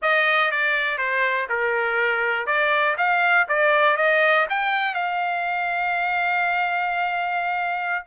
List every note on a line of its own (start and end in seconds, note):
0.01 0.51 D#5
0.51 0.98 D5
0.98 1.47 C5
1.49 2.46 A#4
2.46 2.96 D5
2.97 3.47 F5
3.48 3.96 D5
3.96 4.46 D#5
4.49 4.94 G5
4.94 8.04 F5